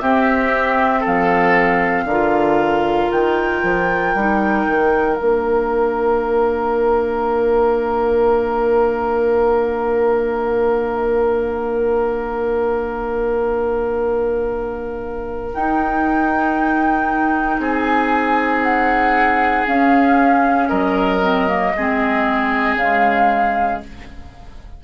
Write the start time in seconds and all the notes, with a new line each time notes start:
0.00 C4 G4 E5
1.00 A4
1.06 F3 F5
2.05 D3 A#4
2.11 F4
3.11 D#3 G5
3.63 F3
4.15 G3 D#4
4.67 D#3
5.16 A#3 D4 F5
15.54 D#4 G5
17.59 C4 G#4 G#5
18.63 F#5
19.67 C#4 F5
20.69 F#3 A#4 D#5
21.22 C4
21.48 A#3
21.77 G#3 C4 G#4
22.75 C#3 G#3 F5